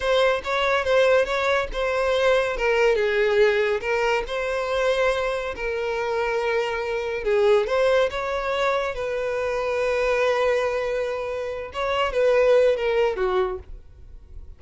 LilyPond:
\new Staff \with { instrumentName = "violin" } { \time 4/4 \tempo 4 = 141 c''4 cis''4 c''4 cis''4 | c''2 ais'4 gis'4~ | gis'4 ais'4 c''2~ | c''4 ais'2.~ |
ais'4 gis'4 c''4 cis''4~ | cis''4 b'2.~ | b'2.~ b'8 cis''8~ | cis''8 b'4. ais'4 fis'4 | }